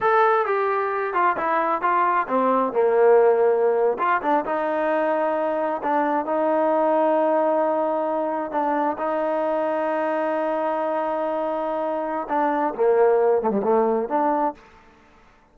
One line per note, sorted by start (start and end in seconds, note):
0.00 0.46 A4
0.46 1.13 G4
1.13 1.36 F4
1.36 1.81 E4
1.81 2.26 F4
2.28 2.72 C4
2.72 3.97 A#3
3.98 4.21 F4
4.22 4.44 D4
4.45 5.81 D#4
5.82 6.25 D4
6.25 8.51 D#4
8.51 8.96 D4
8.98 12.27 D#4
12.28 12.74 D4
12.75 13.42 A#3
13.42 13.50 A3
13.50 13.61 G3
13.63 14.08 A3
14.08 14.54 D4